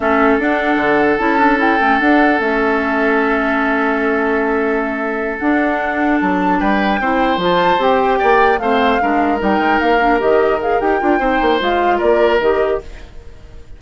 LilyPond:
<<
  \new Staff \with { instrumentName = "flute" } { \time 4/4 \tempo 4 = 150 e''4 fis''2 a''4 | g''4 fis''4 e''2~ | e''1~ | e''4. fis''2 a''8~ |
a''8 g''2 a''4 g''8~ | g''4. f''2 g''8~ | g''8 f''4 dis''4 f''8 g''4~ | g''4 f''4 d''4 dis''4 | }
  \new Staff \with { instrumentName = "oboe" } { \time 4/4 a'1~ | a'1~ | a'1~ | a'1~ |
a'8 b'4 c''2~ c''8~ | c''8 d''4 c''4 ais'4.~ | ais'1 | c''2 ais'2 | }
  \new Staff \with { instrumentName = "clarinet" } { \time 4/4 cis'4 d'2 e'8 d'8 | e'8 cis'8 d'4 cis'2~ | cis'1~ | cis'4. d'2~ d'8~ |
d'4. e'4 f'4 g'8~ | g'4. c'4 d'4 dis'8~ | dis'4 d'8 g'4 gis'8 g'8 f'8 | dis'4 f'2 g'4 | }
  \new Staff \with { instrumentName = "bassoon" } { \time 4/4 a4 d'4 d4 cis'4~ | cis'8 a8 d'4 a2~ | a1~ | a4. d'2 fis8~ |
fis8 g4 c'4 f4 c'8~ | c'8 ais4 a4 gis4 g8 | gis8 ais4 dis4. dis'8 d'8 | c'8 ais8 gis4 ais4 dis4 | }
>>